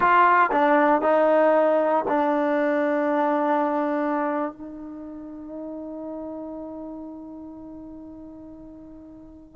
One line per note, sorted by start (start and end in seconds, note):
0.00 0.50 F4
0.51 1.01 D4
1.01 2.05 D#4
2.08 4.52 D4
4.52 9.56 D#4